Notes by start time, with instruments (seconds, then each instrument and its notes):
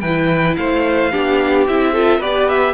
0.00 cello E3, violin B4 G5
0.07 viola E4
0.56 cello A3, violin C5 F5
1.12 cello B3, viola D4, violin G4
1.68 cello C4, viola E4, violin E5
1.93 viola F4, violin A4
2.19 cello B3, viola G4, violin B4 D5
2.49 violin E5